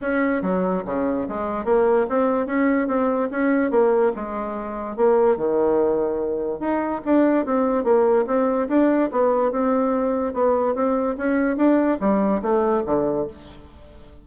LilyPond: \new Staff \with { instrumentName = "bassoon" } { \time 4/4 \tempo 4 = 145 cis'4 fis4 cis4 gis4 | ais4 c'4 cis'4 c'4 | cis'4 ais4 gis2 | ais4 dis2. |
dis'4 d'4 c'4 ais4 | c'4 d'4 b4 c'4~ | c'4 b4 c'4 cis'4 | d'4 g4 a4 d4 | }